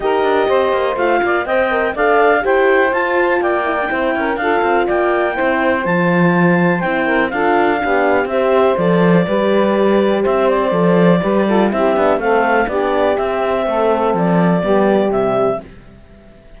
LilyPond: <<
  \new Staff \with { instrumentName = "clarinet" } { \time 4/4 \tempo 4 = 123 dis''2 f''4 g''4 | f''4 g''4 a''4 g''4~ | g''4 f''4 g''2 | a''2 g''4 f''4~ |
f''4 e''4 d''2~ | d''4 e''8 d''2~ d''8 | e''4 f''4 d''4 e''4~ | e''4 d''2 e''4 | }
  \new Staff \with { instrumentName = "saxophone" } { \time 4/4 ais'4 c''4. d''8 dis''4 | d''4 c''2 d''4 | c''8 ais'8 a'4 d''4 c''4~ | c''2~ c''8 ais'8 a'4 |
g'4 c''2 b'4~ | b'4 c''2 b'8 a'8 | g'4 a'4 g'2 | a'2 g'2 | }
  \new Staff \with { instrumentName = "horn" } { \time 4/4 g'2 f'4 c''8 ais'8 | a'4 g'4 f'4. e'16 d'16 | e'4 f'2 e'4 | f'2 e'4 f'4 |
d'4 g'4 a'4 g'4~ | g'2 a'4 g'8 f'8 | e'8 d'8 c'4 d'4 c'4~ | c'2 b4 g4 | }
  \new Staff \with { instrumentName = "cello" } { \time 4/4 dis'8 d'8 c'8 ais8 a8 ais8 c'4 | d'4 e'4 f'4 ais4 | c'8 cis'8 d'8 c'8 ais4 c'4 | f2 c'4 d'4 |
b4 c'4 f4 g4~ | g4 c'4 f4 g4 | c'8 b8 a4 b4 c'4 | a4 f4 g4 c4 | }
>>